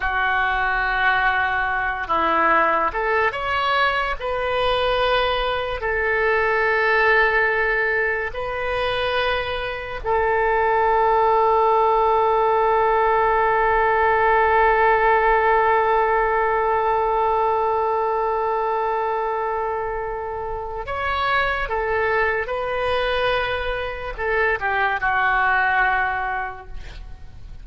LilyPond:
\new Staff \with { instrumentName = "oboe" } { \time 4/4 \tempo 4 = 72 fis'2~ fis'8 e'4 a'8 | cis''4 b'2 a'4~ | a'2 b'2 | a'1~ |
a'1~ | a'1~ | a'4 cis''4 a'4 b'4~ | b'4 a'8 g'8 fis'2 | }